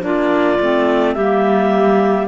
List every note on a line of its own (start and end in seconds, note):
0.00 0.58 A#3
0.00 0.57 D4
0.00 1.14 F4
0.00 1.12 D5
0.60 1.16 A3
0.60 1.18 C4
1.12 2.28 G3
1.12 2.28 A#3
1.12 2.27 G4
1.12 2.26 E5